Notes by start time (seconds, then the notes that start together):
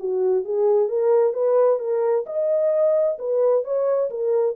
0.00 F#4
0.45 G#4
0.89 A#4
1.34 B4
1.80 A#4
2.27 D#5
3.19 B4
3.65 C#5
4.11 A#4